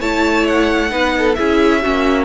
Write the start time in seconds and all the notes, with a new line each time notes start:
0.00 A3 E4 C#5 A5
0.47 F#5
0.89 B3 D#4 B4
1.18 A4
1.34 C#4 E4 G#4 E5
1.82 A#3 C#4 F#4